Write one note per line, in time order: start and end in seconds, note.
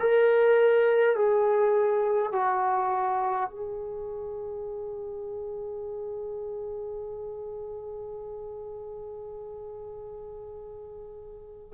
0.00 1.17 A#4
1.17 2.33 G#4
2.33 3.50 F#4
3.50 11.74 G#4